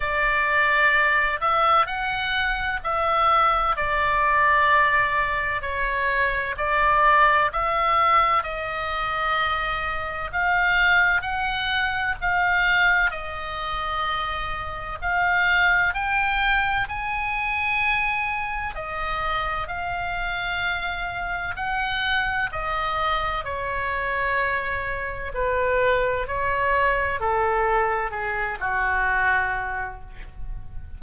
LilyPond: \new Staff \with { instrumentName = "oboe" } { \time 4/4 \tempo 4 = 64 d''4. e''8 fis''4 e''4 | d''2 cis''4 d''4 | e''4 dis''2 f''4 | fis''4 f''4 dis''2 |
f''4 g''4 gis''2 | dis''4 f''2 fis''4 | dis''4 cis''2 b'4 | cis''4 a'4 gis'8 fis'4. | }